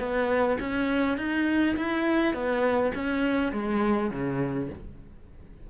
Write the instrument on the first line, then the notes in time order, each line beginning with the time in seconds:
cello
0.00 B3
0.60 C#4
1.18 D#4
1.77 E4
2.34 B3
2.95 C#4
3.53 G#3
4.11 C#3